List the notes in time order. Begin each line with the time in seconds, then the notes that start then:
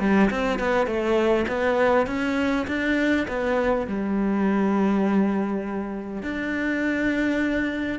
0.00 G3
0.30 C4
0.59 B3
0.87 A3
1.48 B3
2.07 C#4
2.67 D4
3.28 B3
3.87 G3
6.23 D4